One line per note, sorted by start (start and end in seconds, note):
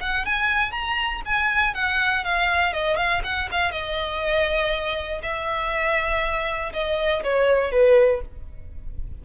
0.00 0.25 F#5
0.25 0.71 G#5
0.71 1.21 A#5
1.25 1.74 G#5
1.74 2.24 F#5
2.24 2.73 F5
2.73 2.96 D#5
2.96 3.21 F5
3.24 3.49 F#5
3.51 3.71 F5
3.71 5.21 D#5
5.22 6.72 E5
6.73 7.23 D#5
7.23 7.71 C#5
7.71 8.21 B4